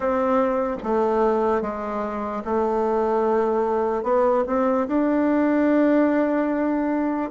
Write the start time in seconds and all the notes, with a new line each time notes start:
0.00 C4
0.83 A3
1.61 G#3
2.44 A3
4.03 B3
4.46 C4
4.87 D4